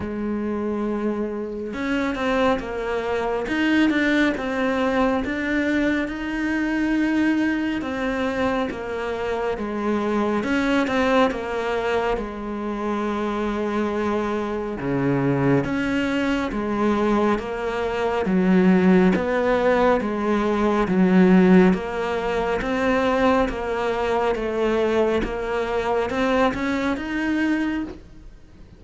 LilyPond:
\new Staff \with { instrumentName = "cello" } { \time 4/4 \tempo 4 = 69 gis2 cis'8 c'8 ais4 | dis'8 d'8 c'4 d'4 dis'4~ | dis'4 c'4 ais4 gis4 | cis'8 c'8 ais4 gis2~ |
gis4 cis4 cis'4 gis4 | ais4 fis4 b4 gis4 | fis4 ais4 c'4 ais4 | a4 ais4 c'8 cis'8 dis'4 | }